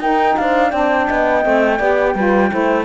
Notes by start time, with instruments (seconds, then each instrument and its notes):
0.00 cello D#4, saxophone D#4, horn A#4, flute G5
0.37 cello D4, horn C5, flute F5
0.70 cello C4, saxophone D4, horn D5, flute G5
1.07 cello B3, horn D#5
1.42 cello A3, saxophone C4
1.78 cello B3, saxophone G4, horn D5
2.15 cello G3, saxophone F4, horn B4
2.50 cello A3, saxophone E4, horn C5